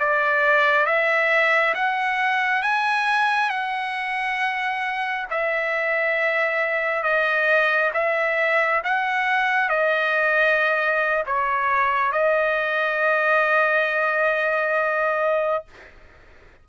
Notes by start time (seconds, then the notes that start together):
0.00 D5
0.86 E5
1.75 F#5
2.63 G#5
3.50 F#5
5.31 E5
7.03 D#5
7.94 E5
8.84 F#5
9.69 D#5
11.27 C#5
12.12 D#5